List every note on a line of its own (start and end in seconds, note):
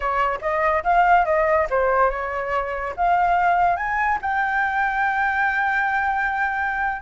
0.00 0.39 C#5
0.41 0.83 D#5
0.83 1.25 F5
1.25 1.67 D#5
1.70 2.10 C5
2.10 2.94 C#5
2.96 3.76 F5
3.76 4.18 G#5
4.21 7.02 G5